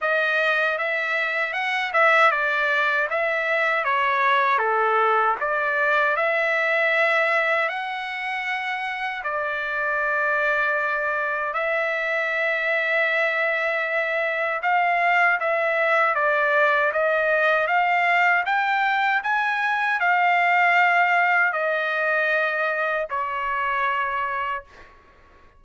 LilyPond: \new Staff \with { instrumentName = "trumpet" } { \time 4/4 \tempo 4 = 78 dis''4 e''4 fis''8 e''8 d''4 | e''4 cis''4 a'4 d''4 | e''2 fis''2 | d''2. e''4~ |
e''2. f''4 | e''4 d''4 dis''4 f''4 | g''4 gis''4 f''2 | dis''2 cis''2 | }